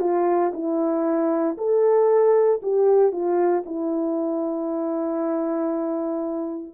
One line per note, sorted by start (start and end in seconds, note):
0.00 0.52 F4
0.54 1.57 E4
1.58 2.61 A4
2.62 3.12 G4
3.12 3.64 F4
3.66 6.73 E4